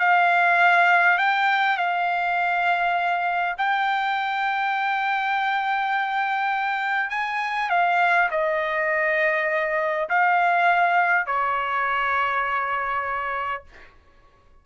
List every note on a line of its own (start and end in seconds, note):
0.00 1.19 F5
1.19 1.78 G5
1.78 3.56 F5
3.58 7.10 G5
7.10 7.70 G#5
7.70 8.30 F5
8.31 10.09 D#5
10.10 11.27 F5
11.27 13.64 C#5